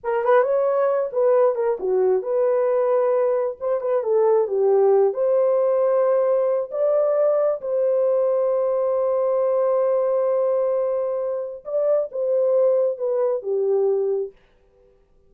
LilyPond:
\new Staff \with { instrumentName = "horn" } { \time 4/4 \tempo 4 = 134 ais'8 b'8 cis''4. b'4 ais'8 | fis'4 b'2. | c''8 b'8 a'4 g'4. c''8~ | c''2. d''4~ |
d''4 c''2.~ | c''1~ | c''2 d''4 c''4~ | c''4 b'4 g'2 | }